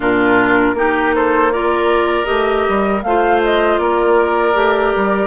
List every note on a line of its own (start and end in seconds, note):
0.00 0.73 A#2
0.00 0.75 D4
0.00 0.74 F4
0.00 1.14 A#4
0.73 2.25 A#3
0.73 1.51 D#4
0.73 1.15 G4
1.15 1.52 A4
1.15 1.52 C5
1.52 2.25 F4
1.52 3.04 A#4
1.52 2.25 D5
2.25 2.66 A3
2.25 3.00 G4
2.25 3.01 D#5
2.68 3.03 G3
3.03 3.78 A3
3.03 4.53 F4
3.03 3.81 C5
3.03 3.41 F5
3.44 3.78 D#5
3.78 4.54 A#3
3.78 5.27 A#4
3.78 5.27 D5
4.53 4.93 A3
4.53 5.27 G4
4.95 5.27 G3